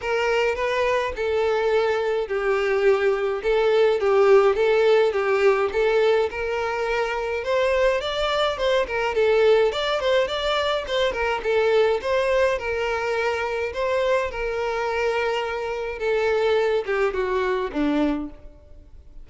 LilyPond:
\new Staff \with { instrumentName = "violin" } { \time 4/4 \tempo 4 = 105 ais'4 b'4 a'2 | g'2 a'4 g'4 | a'4 g'4 a'4 ais'4~ | ais'4 c''4 d''4 c''8 ais'8 |
a'4 d''8 c''8 d''4 c''8 ais'8 | a'4 c''4 ais'2 | c''4 ais'2. | a'4. g'8 fis'4 d'4 | }